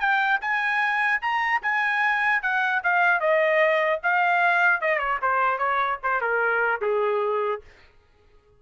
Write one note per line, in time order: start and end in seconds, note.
0.00 0.40 G5
0.41 1.21 G#5
1.22 1.62 A#5
1.63 2.43 G#5
2.43 2.83 F#5
2.84 3.21 F5
3.21 4.01 D#5
4.04 4.81 F5
4.81 4.99 D#5
4.99 5.19 C#5
5.22 5.59 C5
5.59 5.99 C#5
6.03 6.21 C5
6.21 6.81 A#4
6.82 7.62 G#4